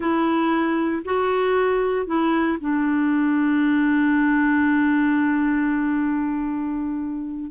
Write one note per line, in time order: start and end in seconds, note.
0.00 1.03 E4
1.04 2.06 F#4
2.06 2.58 E4
2.60 7.51 D4